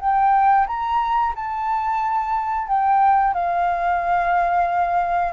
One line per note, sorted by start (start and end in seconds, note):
0.00 0.67 G5
0.67 1.33 A#5
1.35 2.67 A5
2.67 3.34 G5
3.34 5.33 F5